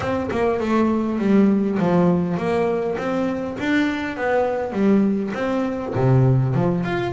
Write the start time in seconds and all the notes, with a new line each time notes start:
0.00 C4
0.31 A#3
0.60 A3
1.19 G3
1.79 F3
2.37 A#3
2.98 C4
3.59 D4
4.16 B3
4.72 G3
5.34 C4
5.95 C3
6.54 F3
6.83 F4